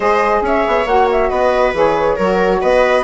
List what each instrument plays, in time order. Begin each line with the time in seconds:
0.00 bassoon G#3, saxophone G#4, viola C5, flute D#5
0.41 bassoon C#4, viola C#5, flute E5
0.67 bassoon B3
0.86 bassoon A#3, saxophone F#4, flute F#5
1.11 flute E5
1.29 bassoon B3, viola B4, flute D#5
1.73 bassoon E3, saxophone G#4, flute C#5
2.16 bassoon F#3, saxophone F#4, viola A#4
2.61 bassoon B3, viola B4, flute D#5